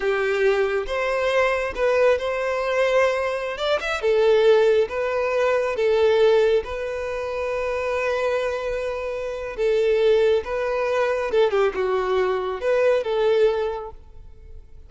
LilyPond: \new Staff \with { instrumentName = "violin" } { \time 4/4 \tempo 4 = 138 g'2 c''2 | b'4 c''2.~ | c''16 d''8 e''8 a'2 b'8.~ | b'4~ b'16 a'2 b'8.~ |
b'1~ | b'2 a'2 | b'2 a'8 g'8 fis'4~ | fis'4 b'4 a'2 | }